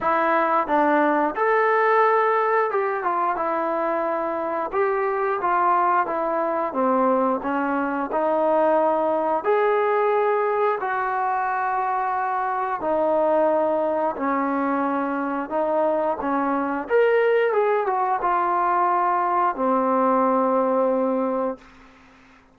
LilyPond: \new Staff \with { instrumentName = "trombone" } { \time 4/4 \tempo 4 = 89 e'4 d'4 a'2 | g'8 f'8 e'2 g'4 | f'4 e'4 c'4 cis'4 | dis'2 gis'2 |
fis'2. dis'4~ | dis'4 cis'2 dis'4 | cis'4 ais'4 gis'8 fis'8 f'4~ | f'4 c'2. | }